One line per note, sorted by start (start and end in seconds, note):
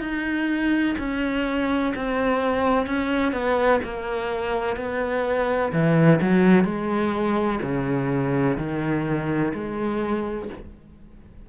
0.00 0.95 D#4
0.98 1.93 C#4
1.95 2.86 C4
2.86 3.32 C#4
3.32 3.80 B3
3.83 4.76 A#3
4.76 5.71 B3
5.72 6.19 E3
6.21 6.64 F#3
6.64 7.59 G#3
7.61 8.57 C#3
8.57 9.52 D#3
9.54 10.49 G#3